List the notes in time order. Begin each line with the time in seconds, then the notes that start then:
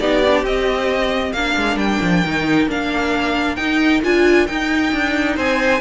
0.00 B3 D#4 G4 D5
0.27 D4
0.43 C4 D#5
1.33 A#3 D4 A#4 F5
1.57 G#3
1.76 G3 G5
2.02 F3
2.25 D#3 D#4
2.68 A#3 D4 F5
3.56 D#4 G5
4.03 D4 F4 G#5
4.47 D#4 G5
4.93 D4
5.36 C4 C5 G#5